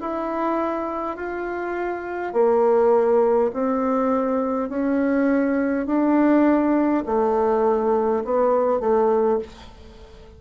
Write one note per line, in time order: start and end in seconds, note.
0.00 1.17 E4
1.17 2.33 F4
2.33 3.51 A#3
3.53 4.69 C4
4.69 5.86 C#4
5.86 7.04 D4
7.06 8.24 A3
8.25 8.80 B3
8.80 9.39 A3